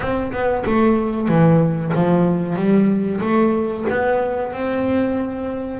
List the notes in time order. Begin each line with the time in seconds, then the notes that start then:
0.00 C4
0.31 B3
0.65 A3
1.28 E3
1.94 F3
2.55 G3
3.20 A3
3.89 B3
4.52 C4